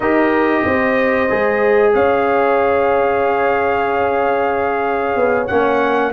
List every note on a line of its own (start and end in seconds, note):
0.00 0.64 D#4
0.00 1.29 G4
0.00 0.64 A#4
0.00 1.92 D#5
0.65 1.30 C4
0.65 1.93 C5
1.29 1.94 G#3
1.29 5.48 G#4
1.93 5.15 C#4
1.93 6.12 C#5
1.93 5.47 F5
5.15 5.48 B3
5.47 6.12 A#3
5.47 6.12 C#4
5.47 6.11 F#5